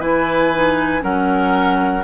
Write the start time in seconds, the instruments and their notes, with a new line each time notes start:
0.00 bassoon E3, clarinet E4, oboe B4, flute G#5
0.54 clarinet D#4
1.01 bassoon F#3, clarinet C#4, oboe A#4, flute F#5